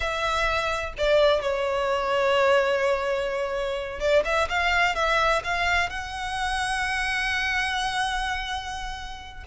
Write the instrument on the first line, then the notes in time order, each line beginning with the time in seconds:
violin
0.00 E5
0.97 D5
1.41 C#5
3.99 D5
4.24 E5
4.49 F5
4.95 E5
5.44 F5
5.89 F#5